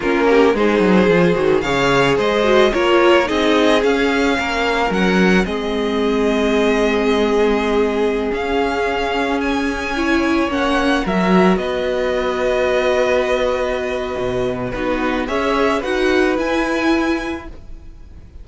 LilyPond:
<<
  \new Staff \with { instrumentName = "violin" } { \time 4/4 \tempo 4 = 110 ais'4 c''2 f''4 | dis''4 cis''4 dis''4 f''4~ | f''4 fis''4 dis''2~ | dis''2.~ dis''16 f''8.~ |
f''4~ f''16 gis''2 fis''8.~ | fis''16 e''4 dis''2~ dis''8.~ | dis''2. b'4 | e''4 fis''4 gis''2 | }
  \new Staff \with { instrumentName = "violin" } { \time 4/4 f'8 g'8 gis'2 cis''4 | c''4 ais'4 gis'2 | ais'2 gis'2~ | gis'1~ |
gis'2~ gis'16 cis''4.~ cis''16~ | cis''16 ais'4 b'2~ b'8.~ | b'2. fis'4 | cis''4 b'2. | }
  \new Staff \with { instrumentName = "viola" } { \time 4/4 cis'4 dis'4 f'8 fis'8 gis'4~ | gis'8 fis'8 f'4 dis'4 cis'4~ | cis'2 c'2~ | c'2.~ c'16 cis'8.~ |
cis'2~ cis'16 e'4 cis'8.~ | cis'16 fis'2.~ fis'8.~ | fis'2. dis'4 | gis'4 fis'4 e'2 | }
  \new Staff \with { instrumentName = "cello" } { \time 4/4 ais4 gis8 fis8 f8 dis8 cis4 | gis4 ais4 c'4 cis'4 | ais4 fis4 gis2~ | gis2.~ gis16 cis'8.~ |
cis'2.~ cis'16 ais8.~ | ais16 fis4 b2~ b8.~ | b2 b,4 b4 | cis'4 dis'4 e'2 | }
>>